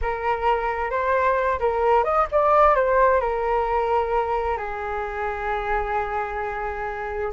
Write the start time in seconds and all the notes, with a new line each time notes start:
0.01 A#4
0.90 C5
1.59 A#4
2.03 D#5
2.31 D5
2.75 C5
3.20 A#4
4.57 G#4